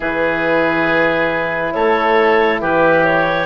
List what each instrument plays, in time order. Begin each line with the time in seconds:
0.00 bassoon E3, horn E4, oboe G#4, clarinet B4
1.73 bassoon A3, oboe A4, clarinet C#5
2.61 bassoon E3, oboe G4, clarinet B4
3.04 clarinet C#5